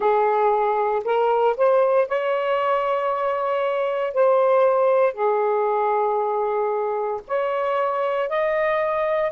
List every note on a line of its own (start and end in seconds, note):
0.00 1.03 G#4
1.04 1.56 A#4
1.57 2.07 C5
2.07 4.13 C#5
4.13 5.13 C5
5.13 7.20 G#4
7.27 8.29 C#5
8.29 9.32 D#5